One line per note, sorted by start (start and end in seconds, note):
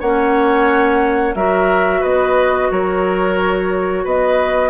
0.00 1.35 A#3
0.00 1.36 C#4
0.00 1.35 C#5
0.00 1.36 F#5
1.35 2.02 F#3
1.35 4.70 F#4
1.35 2.01 A#4
1.35 2.03 E5
2.01 2.71 B3
2.01 2.68 B4
2.01 2.70 D#5
2.71 4.05 F#3
2.71 4.04 A#4
2.71 4.06 C#5
4.04 4.70 B3
4.04 4.70 B4
4.04 4.70 D#5